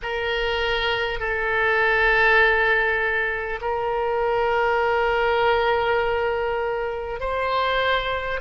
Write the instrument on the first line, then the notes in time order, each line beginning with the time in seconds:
oboe
0.02 A#4
1.19 A4
3.61 A#4
7.20 C5